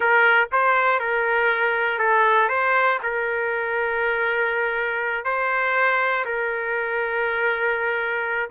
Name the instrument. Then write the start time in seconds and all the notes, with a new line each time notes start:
trumpet
0.00 A#4
0.52 C5
0.99 A#4
1.99 A4
2.49 C5
3.02 A#4
5.25 C5
6.25 A#4